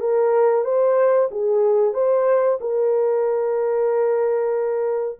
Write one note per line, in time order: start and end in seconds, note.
0.00 0.65 A#4
0.65 1.29 C5
1.31 1.94 G#4
1.94 2.59 C5
2.61 5.19 A#4